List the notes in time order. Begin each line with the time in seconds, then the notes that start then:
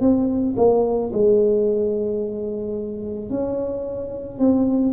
0.00 C4
0.57 A#3
1.13 G#3
3.29 C#4
4.38 C4